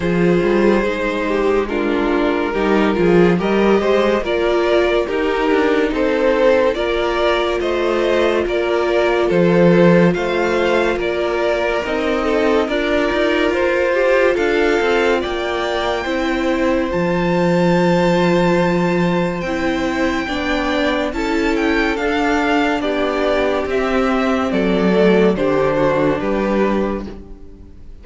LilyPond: <<
  \new Staff \with { instrumentName = "violin" } { \time 4/4 \tempo 4 = 71 c''2 ais'2 | dis''4 d''4 ais'4 c''4 | d''4 dis''4 d''4 c''4 | f''4 d''4 dis''4 d''4 |
c''4 f''4 g''2 | a''2. g''4~ | g''4 a''8 g''8 f''4 d''4 | e''4 d''4 c''4 b'4 | }
  \new Staff \with { instrumentName = "violin" } { \time 4/4 gis'4. g'8 f'4 g'8 gis'8 | ais'8 c''8 ais'4 g'4 a'4 | ais'4 c''4 ais'4 a'4 | c''4 ais'4. a'8 ais'4~ |
ais'8 g'8 a'4 d''4 c''4~ | c''1 | d''4 a'2 g'4~ | g'4 a'4 g'8 fis'8 g'4 | }
  \new Staff \with { instrumentName = "viola" } { \time 4/4 f'4 dis'4 d'4 dis'8 f'8 | g'4 f'4 dis'2 | f'1~ | f'2 dis'4 f'4~ |
f'2. e'4 | f'2. e'4 | d'4 e'4 d'2 | c'4. a8 d'2 | }
  \new Staff \with { instrumentName = "cello" } { \time 4/4 f8 g8 gis2 g8 f8 | g8 gis8 ais4 dis'8 d'8 c'4 | ais4 a4 ais4 f4 | a4 ais4 c'4 d'8 dis'8 |
f'4 d'8 c'8 ais4 c'4 | f2. c'4 | b4 cis'4 d'4 b4 | c'4 fis4 d4 g4 | }
>>